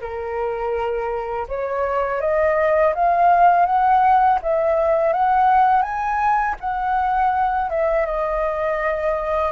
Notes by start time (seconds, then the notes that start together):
0.00 A#4
1.48 C#5
2.20 D#5
2.94 F5
3.65 F#5
4.42 E5
5.13 F#5
5.82 G#5
6.60 F#5
7.70 E5
8.06 D#5